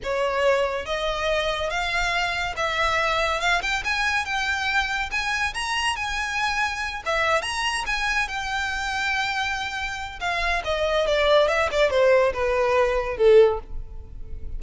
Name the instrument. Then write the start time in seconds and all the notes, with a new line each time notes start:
violin
0.03 C#5
0.85 D#5
1.69 F5
2.56 E5
3.40 F5
3.62 G5
3.84 G#5
4.25 G5
5.11 G#5
5.54 A#5
5.96 G#5
7.05 E5
7.42 A#5
7.86 G#5
8.28 G5
10.20 F5
10.64 D#5
11.06 D5
11.48 E5
11.71 D5
11.90 C5
12.33 B4
13.17 A4